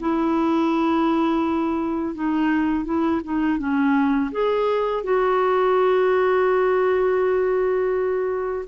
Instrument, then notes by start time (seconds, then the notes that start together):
clarinet
0.00 E4
2.15 D#4
2.85 E4
3.24 D#4
3.58 C#4
4.31 G#4
5.04 F#4